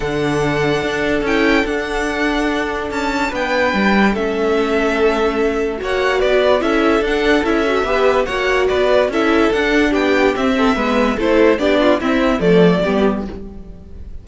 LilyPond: <<
  \new Staff \with { instrumentName = "violin" } { \time 4/4 \tempo 4 = 145 fis''2. g''4 | fis''2. a''4 | g''2 e''2~ | e''2 fis''4 d''4 |
e''4 fis''4 e''2 | fis''4 d''4 e''4 fis''4 | g''4 e''2 c''4 | d''4 e''4 d''2 | }
  \new Staff \with { instrumentName = "violin" } { \time 4/4 a'1~ | a'1 | b'2 a'2~ | a'2 cis''4 b'4 |
a'2. b'4 | cis''4 b'4 a'2 | g'4. a'8 b'4 a'4 | g'8 f'8 e'4 a'4 g'4 | }
  \new Staff \with { instrumentName = "viola" } { \time 4/4 d'2. e'4 | d'1~ | d'2 cis'2~ | cis'2 fis'2 |
e'4 d'4 e'8 fis'8 g'4 | fis'2 e'4 d'4~ | d'4 c'4 b4 e'4 | d'4 c'4 a4 b4 | }
  \new Staff \with { instrumentName = "cello" } { \time 4/4 d2 d'4 cis'4 | d'2. cis'4 | b4 g4 a2~ | a2 ais4 b4 |
cis'4 d'4 cis'4 b4 | ais4 b4 cis'4 d'4 | b4 c'4 gis4 a4 | b4 c'4 f4 g4 | }
>>